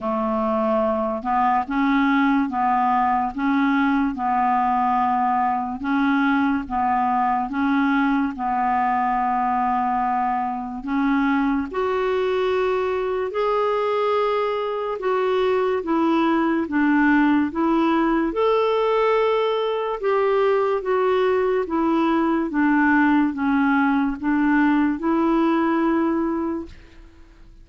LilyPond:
\new Staff \with { instrumentName = "clarinet" } { \time 4/4 \tempo 4 = 72 a4. b8 cis'4 b4 | cis'4 b2 cis'4 | b4 cis'4 b2~ | b4 cis'4 fis'2 |
gis'2 fis'4 e'4 | d'4 e'4 a'2 | g'4 fis'4 e'4 d'4 | cis'4 d'4 e'2 | }